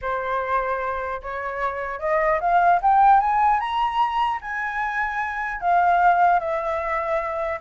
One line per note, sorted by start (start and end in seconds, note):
0.01 1.21 C5
1.22 1.99 C#5
1.99 2.39 D#5
2.40 2.80 F5
2.82 3.19 G5
3.19 3.59 G#5
3.60 4.40 A#5
4.41 5.61 G#5
5.61 6.39 F5
6.39 7.59 E5